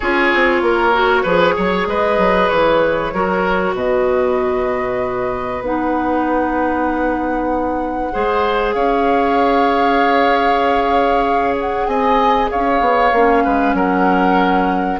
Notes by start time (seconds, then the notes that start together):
0.00 C#4 F4 G#4 C#5
0.34 C4
0.61 A#3 A#4
0.93 F#4
1.22 F3 G#4 B4
1.56 F#3 C#5
1.87 G#3 B4 D#5
2.18 F#3
2.48 E3 C#5
3.13 F#3 F#4 A#4
3.73 B2 B4 D#5
5.61 B3 D#4 F#5
8.12 G#3 G#4 C5
8.73 C#4 C#5 F5
11.60 F#5
11.86 C4 D#5 G#5
12.50 C#4 C#5 F5
12.80 B3
13.12 A#3 C#4
13.44 G#3 B4
13.73 F#3 A#4 F#5